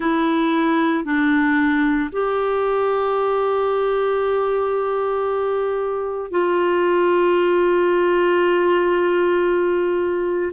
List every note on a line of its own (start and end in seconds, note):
0.00 1.04 E4
1.04 2.10 D4
2.11 6.30 G4
6.30 10.51 F4